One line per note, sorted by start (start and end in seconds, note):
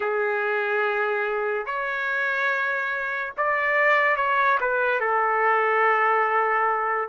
0.00 1.66 G#4
1.66 3.33 C#5
3.37 4.16 D5
4.16 4.58 C#5
4.60 5.00 B4
5.00 7.08 A4